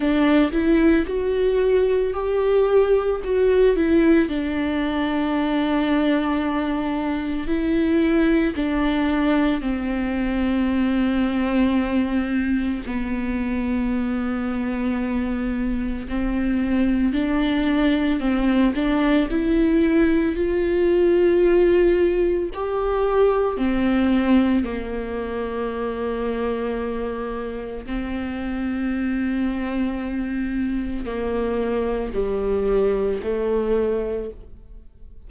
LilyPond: \new Staff \with { instrumentName = "viola" } { \time 4/4 \tempo 4 = 56 d'8 e'8 fis'4 g'4 fis'8 e'8 | d'2. e'4 | d'4 c'2. | b2. c'4 |
d'4 c'8 d'8 e'4 f'4~ | f'4 g'4 c'4 ais4~ | ais2 c'2~ | c'4 ais4 g4 a4 | }